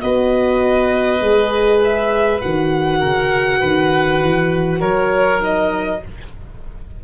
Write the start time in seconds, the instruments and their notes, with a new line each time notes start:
0.00 tuba B3, horn F#4, oboe B4, violin D#5
1.20 tuba G#3, horn G#4
1.84 violin E5
2.41 tuba D#3, horn F#4, violin F#5
2.99 tuba C#3, oboe A#4
3.60 tuba D#3, oboe B4
4.21 tuba E3
4.79 tuba F#3, oboe A#4, violin C#5
5.39 horn D#4, violin D#5